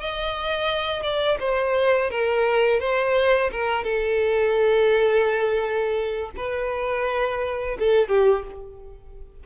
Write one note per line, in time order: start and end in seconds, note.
0.00 1.03 D#5
1.03 1.38 D5
1.40 2.10 C5
2.10 2.80 A#4
2.80 3.50 C5
3.51 3.84 A#4
3.84 6.31 A4
6.36 7.77 B4
7.79 8.08 A4
8.08 8.44 G4